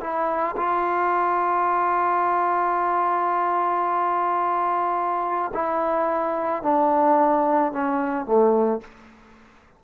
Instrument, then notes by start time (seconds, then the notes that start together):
trombone
0.00 E4
0.56 F4
5.53 E4
6.62 D4
7.72 C#4
8.25 A3